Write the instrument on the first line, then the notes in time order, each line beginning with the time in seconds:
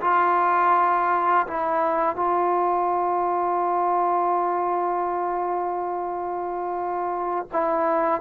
trombone
0.00 F4
1.47 E4
2.16 F4
7.52 E4